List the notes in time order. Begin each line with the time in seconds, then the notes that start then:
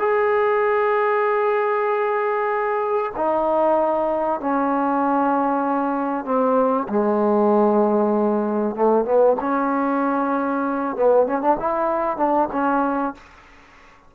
0.00 G#4
3.16 D#4
4.41 C#4
6.25 C4
6.89 G#3
8.76 A3
9.06 B3
9.41 C#4
10.97 B3
11.27 C#4
11.42 D4
11.60 E4
12.18 D4
12.53 C#4